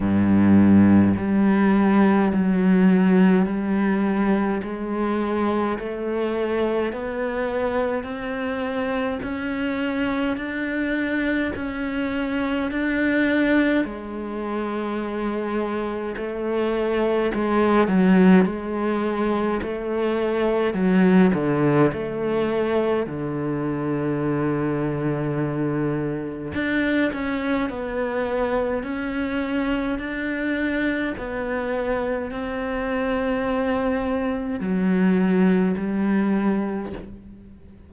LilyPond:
\new Staff \with { instrumentName = "cello" } { \time 4/4 \tempo 4 = 52 g,4 g4 fis4 g4 | gis4 a4 b4 c'4 | cis'4 d'4 cis'4 d'4 | gis2 a4 gis8 fis8 |
gis4 a4 fis8 d8 a4 | d2. d'8 cis'8 | b4 cis'4 d'4 b4 | c'2 fis4 g4 | }